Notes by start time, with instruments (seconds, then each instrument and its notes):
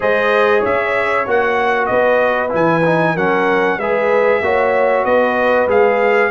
0.00 tuba G#3, trombone G#4, horn C5, trumpet D#5
0.60 tuba C#4, horn C#5, trumpet E5
1.27 tuba A#3, trombone F#4, trumpet F#5
1.86 tuba B3, horn B4, trumpet D#5
2.49 tuba E3, trombone E4, trumpet G#5
2.85 trombone D#4
3.14 tuba F#3, trombone C#4, horn A#4, trumpet F#5
3.77 tuba G#3, trombone G#4, horn B4, trumpet E5
4.41 tuba A#3, trombone F#4, horn C#5
5.04 tuba B3, horn B4, trumpet D#5
5.67 tuba G#3, trombone G#4, trumpet F5